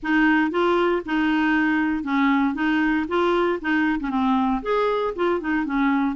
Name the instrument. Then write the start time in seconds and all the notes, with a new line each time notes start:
clarinet
0.02 D#4
0.50 F4
1.05 D#4
2.03 C#4
2.54 D#4
3.08 F4
3.61 D#4
4.00 C#4
4.10 C4
4.62 G#4
5.15 F4
5.40 D#4
5.65 C#4